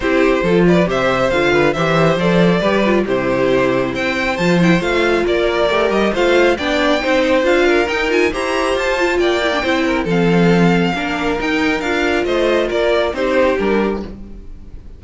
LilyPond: <<
  \new Staff \with { instrumentName = "violin" } { \time 4/4 \tempo 4 = 137 c''4. d''8 e''4 f''4 | e''4 d''2 c''4~ | c''4 g''4 a''8 g''8 f''4 | d''4. dis''8 f''4 g''4~ |
g''4 f''4 g''8 gis''8 ais''4 | a''4 g''2 f''4~ | f''2 g''4 f''4 | dis''4 d''4 c''4 ais'4 | }
  \new Staff \with { instrumentName = "violin" } { \time 4/4 g'4 a'8 b'8 c''4. b'8 | c''2 b'4 g'4~ | g'4 c''2. | ais'2 c''4 d''4 |
c''4. ais'4. c''4~ | c''4 d''4 c''8 ais'8 a'4~ | a'4 ais'2. | c''4 ais'4 g'2 | }
  \new Staff \with { instrumentName = "viola" } { \time 4/4 e'4 f'4 g'4 f'4 | g'4 a'4 g'8 f'8 e'4~ | e'2 f'8 e'8 f'4~ | f'4 g'4 f'4 d'4 |
dis'4 f'4 dis'8 f'8 g'4~ | g'8 f'4 e'16 d'16 e'4 c'4~ | c'4 d'4 dis'4 f'4~ | f'2 dis'4 d'4 | }
  \new Staff \with { instrumentName = "cello" } { \time 4/4 c'4 f4 c4 d4 | e4 f4 g4 c4~ | c4 c'4 f4 a4 | ais4 a8 g8 a4 b4 |
c'4 d'4 dis'4 e'4 | f'4 ais4 c'4 f4~ | f4 ais4 dis'4 d'4 | a4 ais4 c'4 g4 | }
>>